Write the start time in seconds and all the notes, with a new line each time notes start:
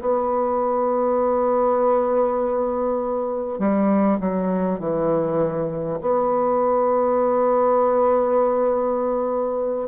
0.00 B3
3.58 G3
4.19 F#3
4.79 E3
6.01 B3